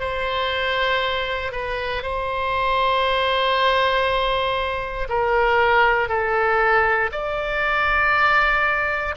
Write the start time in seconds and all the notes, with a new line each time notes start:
0.00 C5
1.52 B4
2.03 C5
5.09 A#4
6.09 A4
7.12 D5